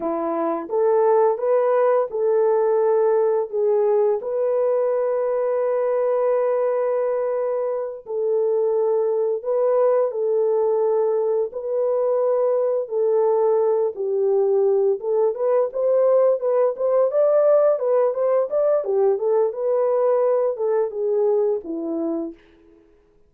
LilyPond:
\new Staff \with { instrumentName = "horn" } { \time 4/4 \tempo 4 = 86 e'4 a'4 b'4 a'4~ | a'4 gis'4 b'2~ | b'2.~ b'8 a'8~ | a'4. b'4 a'4.~ |
a'8 b'2 a'4. | g'4. a'8 b'8 c''4 b'8 | c''8 d''4 b'8 c''8 d''8 g'8 a'8 | b'4. a'8 gis'4 e'4 | }